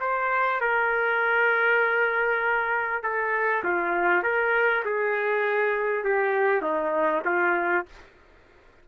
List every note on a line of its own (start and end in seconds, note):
0.00 0.60 C5
0.60 3.02 A#4
3.02 3.63 A4
3.64 4.23 F4
4.23 4.83 A#4
4.85 6.04 G#4
6.04 6.62 G4
6.62 7.22 D#4
7.25 7.85 F4